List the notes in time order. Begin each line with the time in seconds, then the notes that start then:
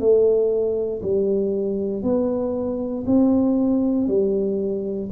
0.00 A3
1.03 G3
2.03 B3
3.07 C4
4.08 G3